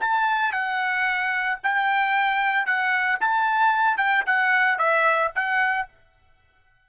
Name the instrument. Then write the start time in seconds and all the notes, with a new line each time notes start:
trumpet
0.00 A5
0.52 F#5
1.63 G5
2.65 F#5
3.20 A5
3.97 G5
4.26 F#5
4.78 E5
5.35 F#5